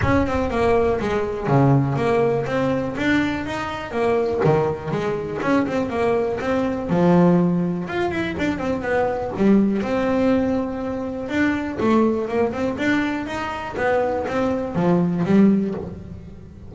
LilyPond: \new Staff \with { instrumentName = "double bass" } { \time 4/4 \tempo 4 = 122 cis'8 c'8 ais4 gis4 cis4 | ais4 c'4 d'4 dis'4 | ais4 dis4 gis4 cis'8 c'8 | ais4 c'4 f2 |
f'8 e'8 d'8 c'8 b4 g4 | c'2. d'4 | a4 ais8 c'8 d'4 dis'4 | b4 c'4 f4 g4 | }